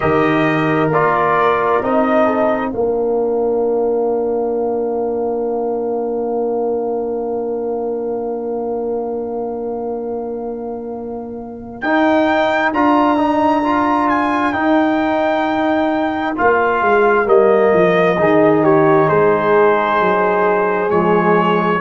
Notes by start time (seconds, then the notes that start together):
0.00 D#3 G4 A#4 D#5
0.89 A#3 F4 D5
1.81 C4 D#4 D#5
2.25 A4
2.70 A#3 D4 A#4 F5
11.81 D#4 G5
12.73 D4 F4 A#5
13.17 D#4
13.63 F4
14.09 G#5
14.52 D#4 G5
16.35 A#3 F4 F5
16.81 G#3
17.25 G3 A#3 D#5
17.73 F3
18.18 D#3 D#4 G#4
18.63 G4 C#5
19.07 G#3 G#4 C5
20.00 F#3
20.88 F3 G#3 C#5